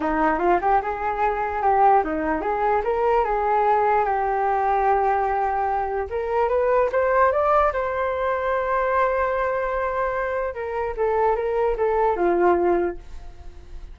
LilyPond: \new Staff \with { instrumentName = "flute" } { \time 4/4 \tempo 4 = 148 dis'4 f'8 g'8 gis'2 | g'4 dis'4 gis'4 ais'4 | gis'2 g'2~ | g'2. ais'4 |
b'4 c''4 d''4 c''4~ | c''1~ | c''2 ais'4 a'4 | ais'4 a'4 f'2 | }